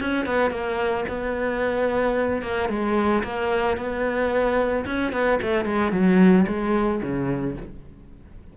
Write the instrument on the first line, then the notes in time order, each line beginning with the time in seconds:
cello
0.00 C#4
0.25 B3
0.50 A#3
1.08 B3
2.42 A#3
2.69 G#3
3.23 A#3
3.77 B3
4.86 C#4
5.12 B3
5.42 A3
5.65 G#3
5.91 F#3
6.47 G#3
7.02 C#3